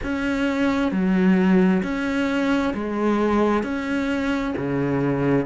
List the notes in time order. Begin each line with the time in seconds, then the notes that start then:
0.03 C#4
0.91 F#3
1.82 C#4
2.74 G#3
3.63 C#4
4.56 C#3